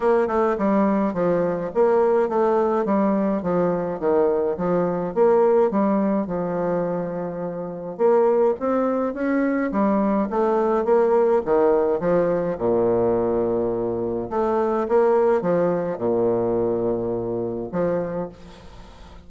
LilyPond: \new Staff \with { instrumentName = "bassoon" } { \time 4/4 \tempo 4 = 105 ais8 a8 g4 f4 ais4 | a4 g4 f4 dis4 | f4 ais4 g4 f4~ | f2 ais4 c'4 |
cis'4 g4 a4 ais4 | dis4 f4 ais,2~ | ais,4 a4 ais4 f4 | ais,2. f4 | }